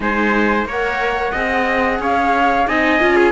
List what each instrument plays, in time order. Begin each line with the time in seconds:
0.00 cello G#3, viola D#4, trumpet C5, flute G#5
0.65 cello A#3, viola A#4, trumpet C#5, flute F#5
1.31 cello C4, viola G#4, trumpet D#5
1.99 cello C#4, trumpet C#5, flute F5
2.67 cello C4, viola D#4, trumpet D#5, flute G#5
2.99 cello C#4, viola F4
3.16 trumpet G#4